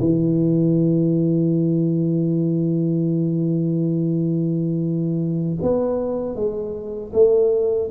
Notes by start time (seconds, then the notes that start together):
0.00 E3
5.62 B3
6.35 G#3
7.13 A3